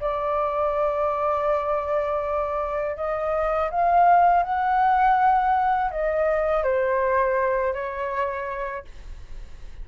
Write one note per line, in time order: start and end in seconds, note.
0.00 2.96 D5
2.96 3.70 D#5
3.70 4.43 F5
4.43 5.91 F#5
5.91 6.63 D#5
6.63 7.73 C5
7.73 8.84 C#5